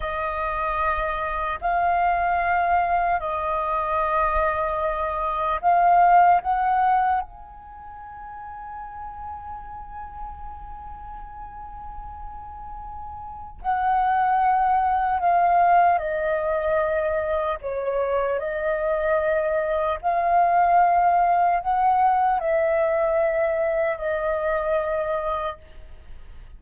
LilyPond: \new Staff \with { instrumentName = "flute" } { \time 4/4 \tempo 4 = 75 dis''2 f''2 | dis''2. f''4 | fis''4 gis''2.~ | gis''1~ |
gis''4 fis''2 f''4 | dis''2 cis''4 dis''4~ | dis''4 f''2 fis''4 | e''2 dis''2 | }